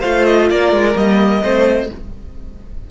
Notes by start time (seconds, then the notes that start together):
0.00 A3 F4 C5 F5
0.25 D#5
0.50 A#3 A#4 D5
0.72 G#3
0.95 G3 A#3 D#5
1.43 A3 C4 C5